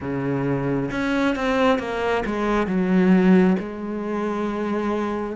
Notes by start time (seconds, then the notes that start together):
0.00 C#3
0.91 C#4
1.35 C4
1.79 A#3
2.25 G#3
2.66 F#3
3.59 G#3